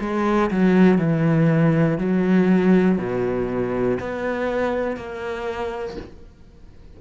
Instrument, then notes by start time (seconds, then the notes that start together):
cello
0.00 G#3
0.50 F#3
0.98 E3
1.98 F#3
2.98 B2
3.99 B3
4.96 A#3